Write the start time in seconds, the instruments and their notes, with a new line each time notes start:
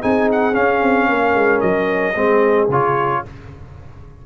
0.00 tuba C4, trombone D#4, horn G#4, trumpet G#5
0.32 trumpet F#5
0.53 trombone C#4, tuba C#4, trumpet F5
0.82 tuba C4
1.09 tuba A#3, horn A#4
1.35 tuba G#3
1.61 tuba F#3, trumpet D#5
2.15 tuba G#3, trombone C4, horn G#4
2.69 tuba C#3, trombone F4, trumpet C#5